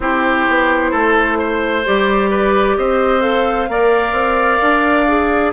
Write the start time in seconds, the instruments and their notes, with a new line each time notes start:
0.00 bassoon C4, clarinet E4, oboe G4, flute C5
0.48 bassoon B3
0.91 bassoon A3, oboe A4
1.38 oboe C5
1.84 bassoon G3, clarinet G4, flute D5
2.30 oboe B4
2.77 bassoon C4, oboe C5, flute D#5
3.20 clarinet A4, flute F5
3.68 bassoon A#3, clarinet A#4, oboe D5
4.12 bassoon C4
4.61 bassoon D4
5.07 clarinet G#4